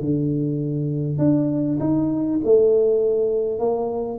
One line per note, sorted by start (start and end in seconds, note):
0.00 1.18 D3
1.18 1.78 D4
1.80 2.40 D#4
2.44 3.59 A3
3.59 4.18 A#3